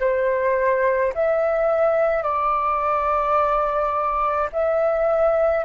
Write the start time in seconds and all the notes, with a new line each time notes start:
0.00 C5
1.14 E5
2.23 D5
4.52 E5